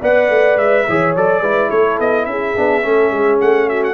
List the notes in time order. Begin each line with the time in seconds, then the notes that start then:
0.00 B3 B4 D5 F#5
0.29 A3
0.56 G#3 E5
0.86 E3 G#4 C#5
1.15 F#3 A4 D5
1.41 G#3 E4 B4
1.70 A3 A4 C#5
1.99 B3 D#5
2.25 C#4 G#4 E5
2.56 B3 D4
2.81 A3 C#4 A4
3.11 G#3 G#4
3.40 A3 F#5
3.69 F#4 E5
3.83 F#5